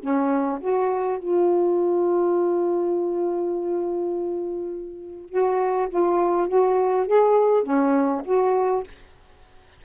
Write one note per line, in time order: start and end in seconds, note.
0.00 0.59 C#4
0.60 1.19 F#4
1.19 5.30 F4
5.30 5.89 F#4
5.89 6.48 F4
6.48 7.06 F#4
7.06 7.63 G#4
7.63 8.22 C#4
8.25 8.83 F#4